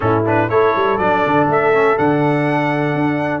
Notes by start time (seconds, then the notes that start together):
0.00 A2 C#4 E4 A4
0.26 D4 B4
0.49 A3 E4 A4 C#5
0.75 G3
0.98 F#3 D4 D5
1.26 D3
1.47 A3 E5
1.73 C#4
1.97 D3 D4 F#5
2.94 D4